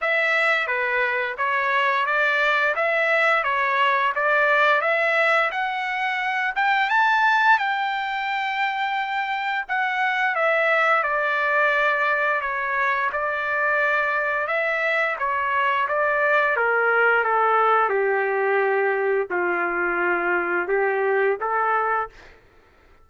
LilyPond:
\new Staff \with { instrumentName = "trumpet" } { \time 4/4 \tempo 4 = 87 e''4 b'4 cis''4 d''4 | e''4 cis''4 d''4 e''4 | fis''4. g''8 a''4 g''4~ | g''2 fis''4 e''4 |
d''2 cis''4 d''4~ | d''4 e''4 cis''4 d''4 | ais'4 a'4 g'2 | f'2 g'4 a'4 | }